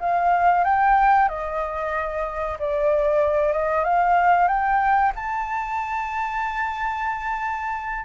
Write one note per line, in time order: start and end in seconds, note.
0.00 0.64 F5
0.64 1.28 G5
1.28 2.57 D#5
2.59 3.53 D5
3.53 3.84 D#5
3.84 4.48 F5
4.48 5.12 G5
5.15 8.05 A5